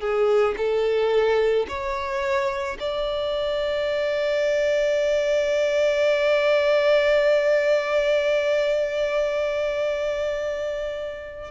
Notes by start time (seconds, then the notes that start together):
0.00 G#4
0.57 A4
1.68 C#5
2.79 D5